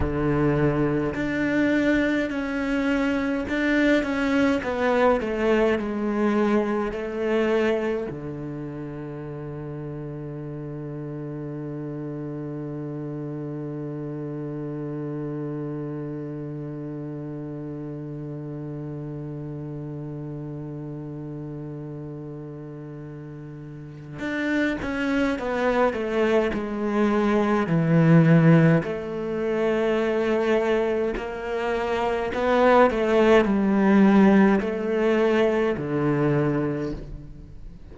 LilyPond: \new Staff \with { instrumentName = "cello" } { \time 4/4 \tempo 4 = 52 d4 d'4 cis'4 d'8 cis'8 | b8 a8 gis4 a4 d4~ | d1~ | d1~ |
d1~ | d4 d'8 cis'8 b8 a8 gis4 | e4 a2 ais4 | b8 a8 g4 a4 d4 | }